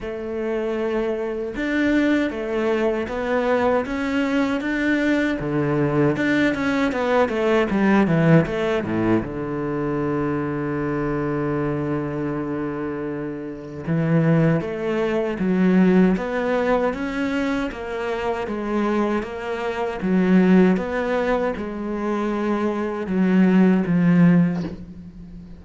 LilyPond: \new Staff \with { instrumentName = "cello" } { \time 4/4 \tempo 4 = 78 a2 d'4 a4 | b4 cis'4 d'4 d4 | d'8 cis'8 b8 a8 g8 e8 a8 a,8 | d1~ |
d2 e4 a4 | fis4 b4 cis'4 ais4 | gis4 ais4 fis4 b4 | gis2 fis4 f4 | }